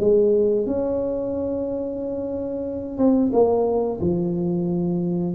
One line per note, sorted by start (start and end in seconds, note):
0.00 0.66 G#3
0.66 2.98 C#4
2.98 3.31 C4
3.32 4.00 A#3
4.00 5.34 F3